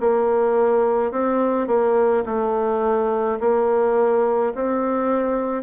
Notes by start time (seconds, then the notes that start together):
0.00 A#3
1.12 C4
1.67 A#3
2.25 A3
3.40 A#3
4.55 C4